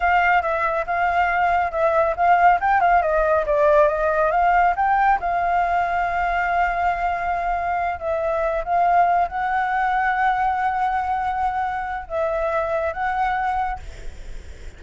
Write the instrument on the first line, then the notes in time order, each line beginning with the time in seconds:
flute
0.00 F5
0.42 E5
0.86 F5
1.71 E5
2.16 F5
2.60 G5
2.80 F5
3.01 D#5
3.46 D5
3.88 D#5
4.31 F5
4.76 G5
5.20 F5
7.99 E5
8.64 F5
9.27 F#5
12.07 E5
12.93 F#5